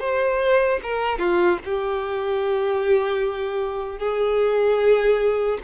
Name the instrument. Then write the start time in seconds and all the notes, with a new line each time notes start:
violin
0.00 C5
0.83 A#4
1.19 F4
1.65 G4
3.99 G#4